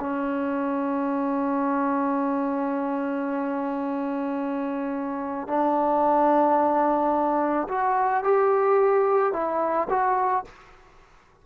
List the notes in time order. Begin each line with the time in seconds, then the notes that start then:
0.00 C#4
5.48 D4
7.69 F#4
8.24 G4
9.33 E4
9.90 F#4